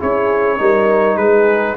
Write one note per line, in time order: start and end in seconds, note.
0.00 0.60 C#4
0.00 0.58 E4
0.00 0.60 G#4
0.00 1.17 C#5
0.58 1.17 G3
0.58 1.77 D#4
0.58 1.19 A#4
1.17 1.76 G#3
1.17 1.78 G#4
1.17 1.77 B4